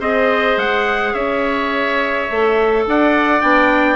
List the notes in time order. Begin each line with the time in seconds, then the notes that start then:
0.00 C4 G#4 C5 D#5
0.57 G#3 F#5
1.14 C#4 C#5 E5
2.30 A3 A4
2.87 D4 D5 F#5
3.41 B3 D4 G5